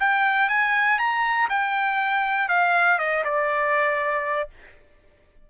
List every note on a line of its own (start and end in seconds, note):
0.00 0.49 G5
0.49 0.99 G#5
0.99 1.49 A#5
1.50 2.49 G5
2.49 2.99 F5
2.99 3.24 D#5
3.25 4.50 D5